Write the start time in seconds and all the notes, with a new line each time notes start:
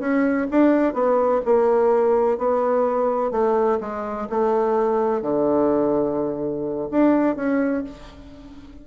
0.00 C#4
0.51 D4
0.94 B3
1.45 A#3
2.38 B3
3.31 A3
3.81 G#3
4.30 A3
5.22 D3
6.91 D4
7.36 C#4